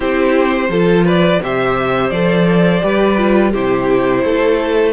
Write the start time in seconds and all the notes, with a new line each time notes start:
0.00 C4 E4 G4 C5
0.68 F3 F4 A4
1.05 B4 D5
1.41 C3 G4 C5 E5
2.10 F3 A4 D5
2.80 G3 G4 B4
3.17 F4
3.51 C3 E4 G4 C5
4.24 A3 A4